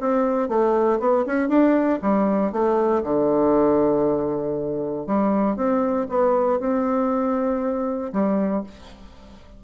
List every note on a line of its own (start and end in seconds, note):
0.00 0.49 C4
0.49 1.00 A3
1.00 1.25 B3
1.26 1.49 C#4
1.49 1.99 D4
2.02 2.52 G3
2.52 3.03 A3
3.03 5.07 D3
5.07 5.56 G3
5.56 6.07 C4
6.09 6.60 B3
6.60 8.12 C4
8.12 8.63 G3